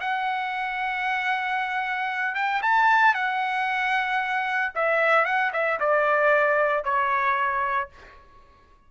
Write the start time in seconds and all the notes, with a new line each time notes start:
0.00 F#5
2.34 G5
2.62 A5
3.14 F#5
4.75 E5
5.25 F#5
5.53 E5
5.79 D5
6.84 C#5